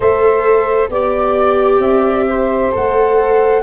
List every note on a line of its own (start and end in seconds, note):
0.00 0.89 A3
0.00 0.90 A4
0.00 0.89 C5
0.00 0.89 E5
0.89 1.79 B3
0.89 2.71 G4
0.89 2.27 D5
0.89 1.80 D5
1.79 2.70 C4
1.79 2.71 E5
2.27 3.62 C5
2.71 3.62 A3
2.71 3.62 A4
2.71 3.62 F#5